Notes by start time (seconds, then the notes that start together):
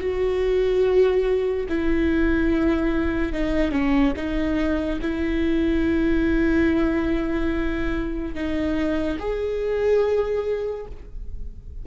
0.00 F#4
1.69 E4
3.33 D#4
3.72 C#4
4.16 D#4
5.01 E4
8.34 D#4
9.19 G#4